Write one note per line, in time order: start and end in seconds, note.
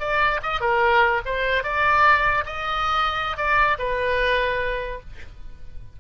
0.00 0.41 D5
0.43 0.61 D#5
0.61 1.22 A#4
1.26 1.64 C5
1.64 2.45 D5
2.46 3.37 D#5
3.37 3.78 D5
3.79 5.01 B4